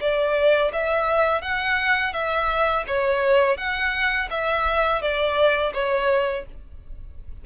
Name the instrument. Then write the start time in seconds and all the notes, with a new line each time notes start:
violin
0.00 D5
0.72 E5
1.42 F#5
2.13 E5
2.87 C#5
3.57 F#5
4.30 E5
5.01 D5
5.73 C#5